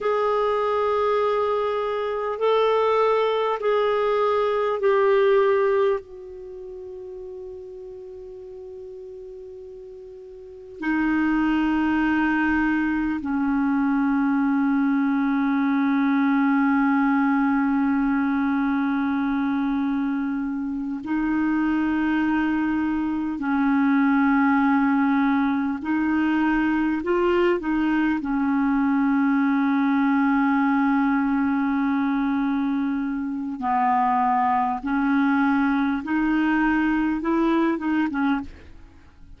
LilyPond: \new Staff \with { instrumentName = "clarinet" } { \time 4/4 \tempo 4 = 50 gis'2 a'4 gis'4 | g'4 fis'2.~ | fis'4 dis'2 cis'4~ | cis'1~ |
cis'4. dis'2 cis'8~ | cis'4. dis'4 f'8 dis'8 cis'8~ | cis'1 | b4 cis'4 dis'4 e'8 dis'16 cis'16 | }